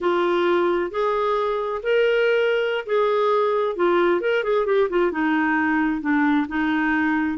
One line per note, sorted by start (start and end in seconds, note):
0.00 0.90 F4
0.90 1.81 G#4
1.82 2.85 A#4
2.86 3.76 G#4
3.76 4.20 F4
4.20 4.43 A#4
4.43 4.65 G#4
4.65 4.88 G4
4.89 5.11 F4
5.11 6.01 D#4
6.01 6.46 D4
6.48 7.38 D#4